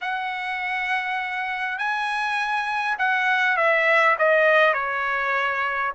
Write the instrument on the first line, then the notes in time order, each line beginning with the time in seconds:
trumpet
0.01 F#5
1.78 G#5
2.98 F#5
3.56 E5
4.18 D#5
4.73 C#5